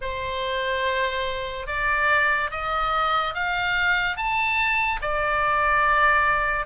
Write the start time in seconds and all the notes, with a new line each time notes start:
0.01 C5
1.67 D5
2.50 D#5
3.34 F5
4.16 A5
5.01 D5